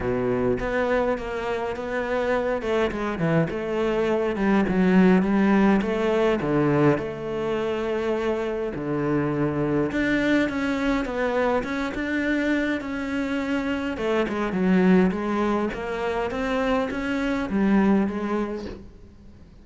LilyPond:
\new Staff \with { instrumentName = "cello" } { \time 4/4 \tempo 4 = 103 b,4 b4 ais4 b4~ | b8 a8 gis8 e8 a4. g8 | fis4 g4 a4 d4 | a2. d4~ |
d4 d'4 cis'4 b4 | cis'8 d'4. cis'2 | a8 gis8 fis4 gis4 ais4 | c'4 cis'4 g4 gis4 | }